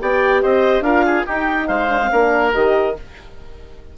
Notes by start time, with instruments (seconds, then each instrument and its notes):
0.00 bassoon B3, horn G4, oboe D5, clarinet G5
0.42 bassoon C4, oboe C5, clarinet D#5
0.81 bassoon D4, horn F4, oboe A#4, clarinet F5
1.06 oboe G#4
1.26 horn D#4, bassoon D#4, oboe G4, clarinet G5
1.67 bassoon G#3, oboe C5, clarinet F5
1.89 horn D4
2.02 horn C4
2.11 bassoon A#3, horn D4, oboe A#4
2.53 bassoon D#3, horn G4, clarinet D#5